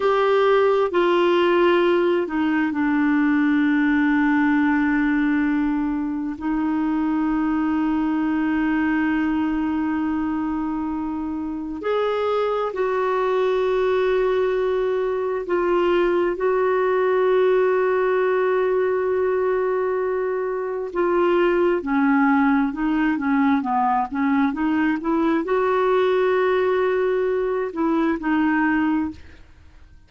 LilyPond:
\new Staff \with { instrumentName = "clarinet" } { \time 4/4 \tempo 4 = 66 g'4 f'4. dis'8 d'4~ | d'2. dis'4~ | dis'1~ | dis'4 gis'4 fis'2~ |
fis'4 f'4 fis'2~ | fis'2. f'4 | cis'4 dis'8 cis'8 b8 cis'8 dis'8 e'8 | fis'2~ fis'8 e'8 dis'4 | }